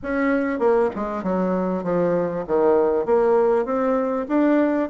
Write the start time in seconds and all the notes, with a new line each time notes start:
0.03 C#4
0.59 A#3
0.95 G#3
1.23 F#3
1.83 F3
2.47 D#3
3.05 A#3
3.65 C4
4.28 D4